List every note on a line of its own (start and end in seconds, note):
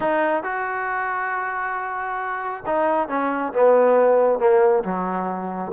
0.00 0.43 D#4
0.43 2.64 F#4
2.66 3.08 D#4
3.08 3.52 C#4
3.53 4.39 B3
4.39 4.83 A#3
4.83 5.72 F#3